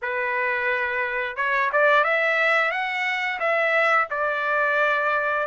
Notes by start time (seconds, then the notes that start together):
0.02 B4
1.36 C#5
1.72 D5
2.04 E5
2.71 F#5
3.39 E5
4.10 D5